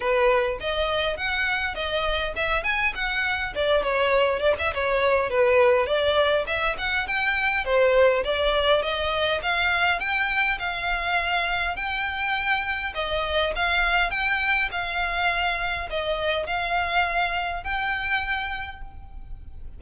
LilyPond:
\new Staff \with { instrumentName = "violin" } { \time 4/4 \tempo 4 = 102 b'4 dis''4 fis''4 dis''4 | e''8 gis''8 fis''4 d''8 cis''4 d''16 e''16 | cis''4 b'4 d''4 e''8 fis''8 | g''4 c''4 d''4 dis''4 |
f''4 g''4 f''2 | g''2 dis''4 f''4 | g''4 f''2 dis''4 | f''2 g''2 | }